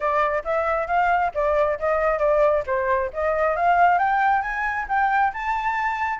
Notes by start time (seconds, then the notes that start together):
0.00 D5
0.44 E5
0.87 F5
1.34 D5
1.79 D#5
2.18 D5
2.66 C5
3.13 D#5
3.56 F5
3.98 G5
4.41 G#5
4.88 G5
5.33 A5